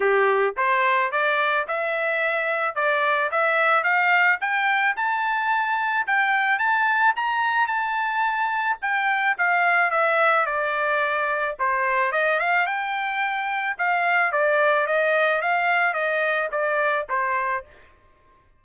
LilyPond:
\new Staff \with { instrumentName = "trumpet" } { \time 4/4 \tempo 4 = 109 g'4 c''4 d''4 e''4~ | e''4 d''4 e''4 f''4 | g''4 a''2 g''4 | a''4 ais''4 a''2 |
g''4 f''4 e''4 d''4~ | d''4 c''4 dis''8 f''8 g''4~ | g''4 f''4 d''4 dis''4 | f''4 dis''4 d''4 c''4 | }